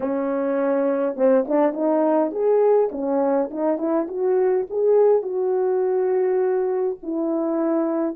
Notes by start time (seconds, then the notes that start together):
0.00 C#4
1.15 C4
1.47 D4
1.73 D#4
2.31 G#4
2.91 C#4
3.50 D#4
3.78 E4
4.08 F#4
4.69 G#4
5.22 F#4
7.02 E4